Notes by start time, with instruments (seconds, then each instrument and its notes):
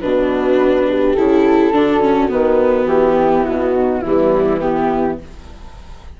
0.00 bassoon B2, viola D4, horn F#4, flute B4
0.87 horn G4
1.14 bassoon C#3, viola E4, flute A4
1.71 bassoon D3, viola D4, horn F#4
2.00 viola C#4
2.28 bassoon D#3, viola B3, flute B4
2.86 bassoon E3, flute G4
3.17 horn E4
3.45 bassoon B2, flute F#4
3.74 horn D#4
4.02 bassoon E3, viola G3, horn B3, flute E4
4.60 viola B3, horn E4, flute G4